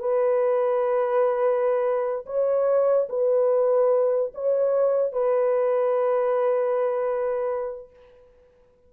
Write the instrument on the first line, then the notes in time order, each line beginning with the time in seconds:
horn
0.00 B4
2.26 C#5
3.09 B4
4.34 C#5
5.13 B4